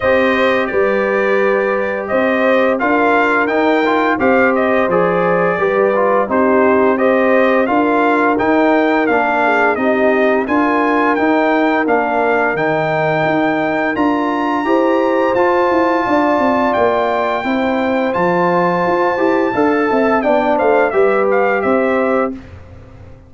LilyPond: <<
  \new Staff \with { instrumentName = "trumpet" } { \time 4/4 \tempo 4 = 86 dis''4 d''2 dis''4 | f''4 g''4 f''8 dis''8 d''4~ | d''4 c''4 dis''4 f''4 | g''4 f''4 dis''4 gis''4 |
g''4 f''4 g''2 | ais''2 a''2 | g''2 a''2~ | a''4 g''8 f''8 e''8 f''8 e''4 | }
  \new Staff \with { instrumentName = "horn" } { \time 4/4 c''4 b'2 c''4 | ais'2 c''2 | b'4 g'4 c''4 ais'4~ | ais'4. gis'8 g'4 ais'4~ |
ais'1~ | ais'4 c''2 d''4~ | d''4 c''2. | f''8 e''8 d''8 c''8 b'4 c''4 | }
  \new Staff \with { instrumentName = "trombone" } { \time 4/4 g'1 | f'4 dis'8 f'8 g'4 gis'4 | g'8 f'8 dis'4 g'4 f'4 | dis'4 d'4 dis'4 f'4 |
dis'4 d'4 dis'2 | f'4 g'4 f'2~ | f'4 e'4 f'4. g'8 | a'4 d'4 g'2 | }
  \new Staff \with { instrumentName = "tuba" } { \time 4/4 c'4 g2 c'4 | d'4 dis'4 c'4 f4 | g4 c'2 d'4 | dis'4 ais4 c'4 d'4 |
dis'4 ais4 dis4 dis'4 | d'4 e'4 f'8 e'8 d'8 c'8 | ais4 c'4 f4 f'8 e'8 | d'8 c'8 b8 a8 g4 c'4 | }
>>